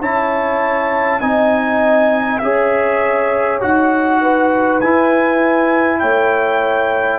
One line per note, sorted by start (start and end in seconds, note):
0.00 1.20 C#4
0.00 1.21 E4
0.00 1.20 C#5
0.00 1.21 A5
1.21 2.41 C4
1.21 2.41 D#4
1.21 2.41 D#5
1.21 2.39 G#5
2.39 3.62 C#4
2.39 3.61 G#4
2.39 4.21 C#5
2.39 3.59 E5
3.61 4.83 D#4
3.61 4.81 F#4
3.61 4.80 F#5
4.21 6.00 B4
4.80 6.03 E4
4.80 7.19 E4
4.80 6.00 G#5
6.00 7.19 A3
6.00 7.19 C#5
6.00 7.19 G5